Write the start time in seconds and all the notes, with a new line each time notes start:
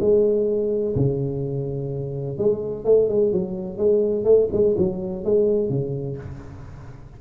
0.00 G#3
0.96 C#3
2.38 G#3
2.85 A3
3.09 G#3
3.32 F#3
3.78 G#3
4.24 A3
4.52 G#3
4.77 F#3
5.24 G#3
5.69 C#3